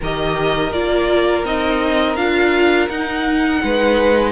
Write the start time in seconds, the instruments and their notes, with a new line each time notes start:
0.00 cello D#3, viola G4, violin A#4 D#5
0.72 cello A#3, viola F4, violin D5
1.44 cello C4, viola D#4, violin D#5
2.16 cello D4, viola F4, violin F5
2.88 cello D#4, viola D#4, violin F#5
3.63 cello G#3, violin B4